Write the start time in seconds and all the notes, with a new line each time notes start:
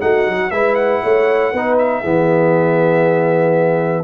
0.00 A3 D#4 F#4 F#5
0.26 F#3
0.50 G#3 E4 B4 E5
0.75 F#5
1.02 A3 C#5
1.52 B3 D#4 B4
1.78 E5
2.01 E3 B3 G#4